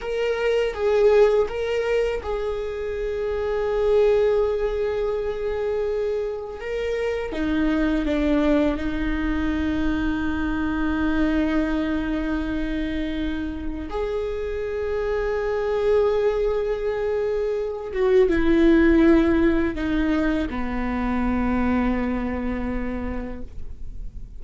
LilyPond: \new Staff \with { instrumentName = "viola" } { \time 4/4 \tempo 4 = 82 ais'4 gis'4 ais'4 gis'4~ | gis'1~ | gis'4 ais'4 dis'4 d'4 | dis'1~ |
dis'2. gis'4~ | gis'1~ | gis'8 fis'8 e'2 dis'4 | b1 | }